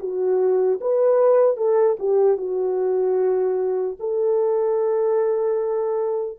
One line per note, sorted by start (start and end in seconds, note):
0.00 0.80 F#4
0.81 1.57 B4
1.57 1.97 A4
2.00 2.37 G4
2.37 3.97 F#4
4.00 6.39 A4